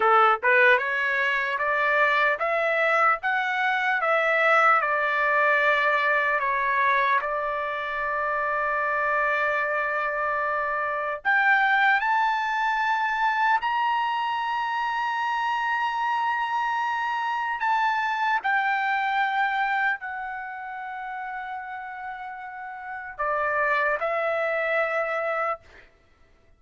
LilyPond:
\new Staff \with { instrumentName = "trumpet" } { \time 4/4 \tempo 4 = 75 a'8 b'8 cis''4 d''4 e''4 | fis''4 e''4 d''2 | cis''4 d''2.~ | d''2 g''4 a''4~ |
a''4 ais''2.~ | ais''2 a''4 g''4~ | g''4 fis''2.~ | fis''4 d''4 e''2 | }